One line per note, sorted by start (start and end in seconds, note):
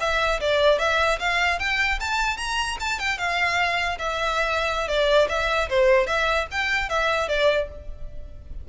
0.00 0.40 E5
0.41 0.79 D5
0.79 1.19 E5
1.19 1.59 F5
1.59 1.99 G5
2.00 2.37 A5
2.37 2.77 A#5
2.80 2.99 A5
2.99 3.18 G5
3.18 3.98 F5
3.98 4.88 E5
4.88 5.28 D5
5.29 5.69 E5
5.70 6.07 C5
6.07 6.47 E5
6.51 6.89 G5
6.89 7.29 E5
7.29 7.69 D5